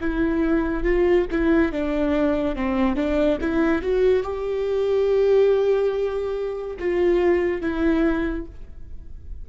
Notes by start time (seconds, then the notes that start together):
0.00 E4
0.83 F4
1.31 E4
1.71 D4
2.55 C4
2.96 D4
3.40 E4
3.81 F#4
4.23 G4
6.79 F4
7.61 E4